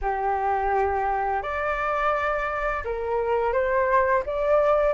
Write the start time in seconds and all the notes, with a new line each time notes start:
0.01 G4
1.42 D5
2.84 A#4
3.52 C5
4.25 D5